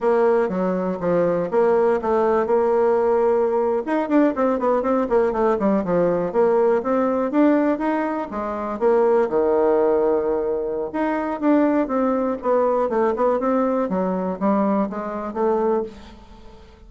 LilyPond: \new Staff \with { instrumentName = "bassoon" } { \time 4/4 \tempo 4 = 121 ais4 fis4 f4 ais4 | a4 ais2~ ais8. dis'16~ | dis'16 d'8 c'8 b8 c'8 ais8 a8 g8 f16~ | f8. ais4 c'4 d'4 dis'16~ |
dis'8. gis4 ais4 dis4~ dis16~ | dis2 dis'4 d'4 | c'4 b4 a8 b8 c'4 | fis4 g4 gis4 a4 | }